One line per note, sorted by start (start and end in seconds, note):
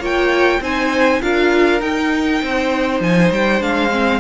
0.00 0.60 A#3
0.00 0.62 F4
0.00 0.60 C#5
0.00 0.64 G5
0.61 1.21 C4
0.61 1.22 D#4
0.61 1.22 C5
0.61 1.22 G#5
1.22 1.81 D4
1.22 1.81 F4
1.22 2.43 A#4
1.22 1.81 F5
1.81 3.61 D#4
1.81 2.41 D#4
1.81 3.01 G5
2.43 3.00 C4
2.43 4.20 C5
3.00 3.30 F3
3.00 3.32 G#5
3.31 3.62 G3
3.31 3.62 G5
3.61 4.20 G#3
3.61 3.91 D4
3.61 4.20 F5
3.91 4.20 C4